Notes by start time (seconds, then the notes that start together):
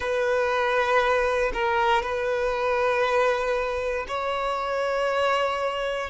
0.00 B4
1.53 A#4
2.02 B4
4.08 C#5